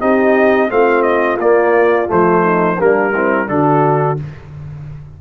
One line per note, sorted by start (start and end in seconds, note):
0.00 0.70 C4
0.00 0.69 D#4
0.00 0.70 G4
0.00 0.70 D#5
0.69 1.38 A3
0.69 1.38 C4
0.69 2.42 F4
0.69 1.02 F5
1.02 1.37 D#5
1.38 2.08 A#3
1.38 2.07 A#3
1.38 2.10 D5
2.07 2.79 F3
2.07 2.77 A3
2.07 2.81 C5
2.42 2.77 D#4
2.78 3.49 G3
2.78 3.13 A#3
2.78 3.13 D4
2.78 3.48 A#4
3.13 3.47 C4
3.13 3.48 E4
3.47 4.18 D3
3.47 4.16 D4
3.47 4.20 F#4
3.47 4.18 A4